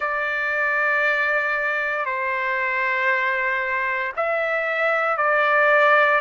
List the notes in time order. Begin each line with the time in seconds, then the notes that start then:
0.00 D5
2.05 C5
4.16 E5
5.17 D5